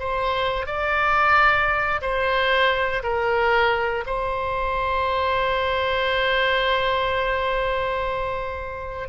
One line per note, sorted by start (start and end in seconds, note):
0.00 0.67 C5
0.67 2.02 D5
2.02 3.03 C5
3.03 4.04 A#4
4.07 9.09 C5